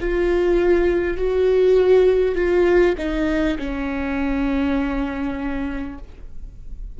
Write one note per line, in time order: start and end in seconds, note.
0.00 1.17 F4
1.17 2.35 F#4
2.35 2.95 F4
2.97 3.57 D#4
3.58 5.98 C#4